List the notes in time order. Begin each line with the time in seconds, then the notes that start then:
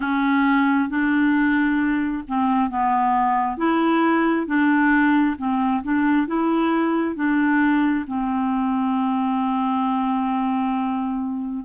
0.00 C#4
0.89 D4
2.28 C4
2.70 B3
3.57 E4
4.46 D4
5.38 C4
5.83 D4
6.27 E4
7.15 D4
8.07 C4